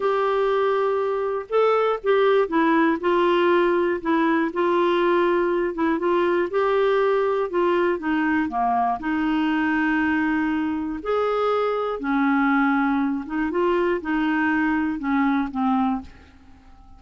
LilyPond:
\new Staff \with { instrumentName = "clarinet" } { \time 4/4 \tempo 4 = 120 g'2. a'4 | g'4 e'4 f'2 | e'4 f'2~ f'8 e'8 | f'4 g'2 f'4 |
dis'4 ais4 dis'2~ | dis'2 gis'2 | cis'2~ cis'8 dis'8 f'4 | dis'2 cis'4 c'4 | }